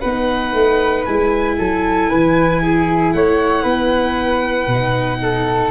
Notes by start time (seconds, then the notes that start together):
0.00 B3 D#4 B4 F#5
0.53 A3
1.06 G#3 E4 G#5
1.58 F#3 A4
2.09 E3 B4
2.62 G#4
3.13 A3 C#5 F#5
3.62 B3 B4
4.67 B2
4.73 D#4
5.22 A4